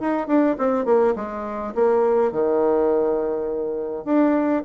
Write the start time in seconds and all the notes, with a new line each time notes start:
0.00 D#4
0.27 D4
0.58 C4
0.85 A#3
1.16 G#3
1.75 A#3
2.32 D#3
4.05 D4